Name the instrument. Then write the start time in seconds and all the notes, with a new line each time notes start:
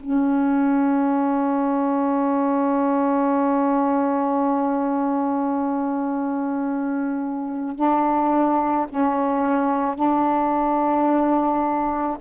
saxophone
0.00 C#4
7.76 D4
8.89 C#4
9.95 D4